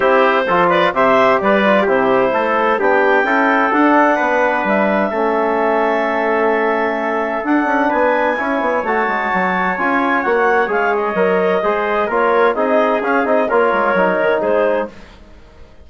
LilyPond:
<<
  \new Staff \with { instrumentName = "clarinet" } { \time 4/4 \tempo 4 = 129 c''4. d''8 e''4 d''4 | c''2 g''2 | fis''2 e''2~ | e''1 |
fis''4 gis''2 a''4~ | a''4 gis''4 fis''4 f''8 dis''8~ | dis''2 cis''4 dis''4 | f''8 dis''8 cis''2 c''4 | }
  \new Staff \with { instrumentName = "trumpet" } { \time 4/4 g'4 a'8 b'8 c''4 b'4 | g'4 a'4 g'4 a'4~ | a'4 b'2 a'4~ | a'1~ |
a'4 b'4 cis''2~ | cis''1~ | cis''4 c''4 ais'4 gis'4~ | gis'4 ais'2 gis'4 | }
  \new Staff \with { instrumentName = "trombone" } { \time 4/4 e'4 f'4 g'4. f'8 | e'2 d'4 e'4 | d'2. cis'4~ | cis'1 |
d'2 e'4 fis'4~ | fis'4 f'4 fis'4 gis'4 | ais'4 gis'4 f'4 dis'4 | cis'8 dis'8 f'4 dis'2 | }
  \new Staff \with { instrumentName = "bassoon" } { \time 4/4 c'4 f4 c4 g4 | c4 a4 b4 cis'4 | d'4 b4 g4 a4~ | a1 |
d'8 cis'8 b4 cis'8 b8 a8 gis8 | fis4 cis'4 ais4 gis4 | fis4 gis4 ais4 c'4 | cis'8 c'8 ais8 gis8 fis8 dis8 gis4 | }
>>